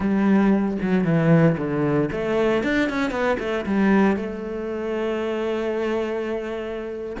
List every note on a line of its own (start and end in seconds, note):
0.00 0.77 G3
0.81 1.04 F#3
1.04 1.56 E3
1.57 2.09 D3
2.12 2.63 A3
2.63 2.89 D4
2.89 3.10 C#4
3.10 3.37 B3
3.39 3.65 A3
3.66 4.16 G3
4.16 7.16 A3